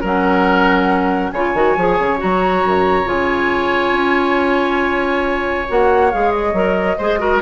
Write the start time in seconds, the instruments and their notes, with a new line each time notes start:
0.00 bassoon F#3, clarinet C#4, oboe A#4, flute F#5
1.31 bassoon C#3, clarinet F4, oboe C#5, flute G#5
1.54 bassoon D#3, clarinet F#4
1.77 bassoon F3, clarinet G#4
1.99 bassoon C#3
2.17 bassoon F#3, clarinet F#4, flute A#5
2.64 bassoon F#2
3.04 bassoon C#3, clarinet F4, flute G#5
3.92 bassoon C#4
5.68 bassoon A#3, clarinet F#4, flute F#5
6.11 bassoon G#3, clarinet G#4, flute F5
6.31 flute D#5
6.53 bassoon F#3, clarinet A#4
6.97 bassoon G#3, clarinet G#4, oboe C5
7.18 clarinet F#4, oboe A#4